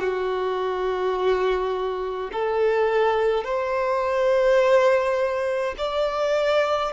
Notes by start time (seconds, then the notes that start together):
0.00 F#4
2.33 A4
3.45 C5
5.78 D5